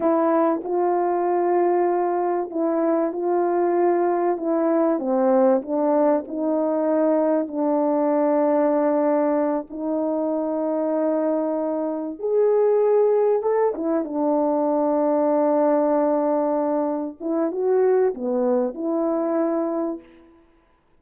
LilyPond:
\new Staff \with { instrumentName = "horn" } { \time 4/4 \tempo 4 = 96 e'4 f'2. | e'4 f'2 e'4 | c'4 d'4 dis'2 | d'2.~ d'8 dis'8~ |
dis'2.~ dis'8 gis'8~ | gis'4. a'8 e'8 d'4.~ | d'2.~ d'8 e'8 | fis'4 b4 e'2 | }